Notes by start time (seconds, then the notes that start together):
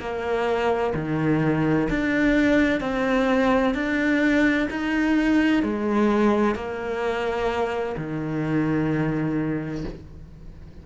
0.00 A#3
0.95 D#3
1.90 D4
2.80 C4
3.75 D4
4.70 D#4
5.62 G#3
6.55 A#3
7.97 D#3